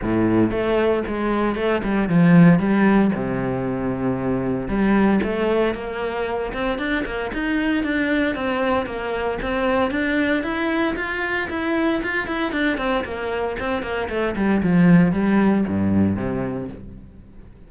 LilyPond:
\new Staff \with { instrumentName = "cello" } { \time 4/4 \tempo 4 = 115 a,4 a4 gis4 a8 g8 | f4 g4 c2~ | c4 g4 a4 ais4~ | ais8 c'8 d'8 ais8 dis'4 d'4 |
c'4 ais4 c'4 d'4 | e'4 f'4 e'4 f'8 e'8 | d'8 c'8 ais4 c'8 ais8 a8 g8 | f4 g4 g,4 c4 | }